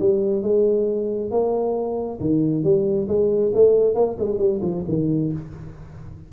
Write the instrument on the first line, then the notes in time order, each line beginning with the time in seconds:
tuba
0.00 G3
0.43 G#3
1.31 A#3
2.21 D#3
2.64 G3
3.08 G#3
3.55 A3
3.95 A#3
4.19 G#3
4.39 G3
4.62 F3
4.89 D#3